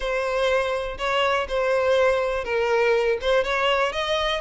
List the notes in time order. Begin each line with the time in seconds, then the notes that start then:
0.00 C5
0.97 C#5
1.48 C5
2.44 A#4
3.21 C5
3.44 C#5
3.92 D#5